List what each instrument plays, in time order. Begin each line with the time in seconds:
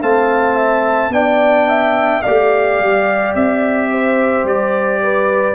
0.00 tuba A3, trombone C4, horn F5, trumpet A5
0.55 horn E5
1.09 tuba B3, trombone D4, horn D5, trumpet G5
1.68 horn E5
2.22 tuba A3, trombone G4, horn D5, trumpet F5
2.79 tuba G3
3.34 tuba C4, trumpet E5
3.91 horn C5
4.43 tuba G3, trumpet D5
5.02 horn B4